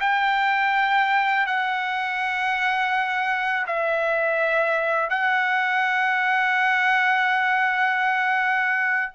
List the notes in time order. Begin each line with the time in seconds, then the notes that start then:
0.00 G5
1.47 F#5
3.67 E5
5.10 F#5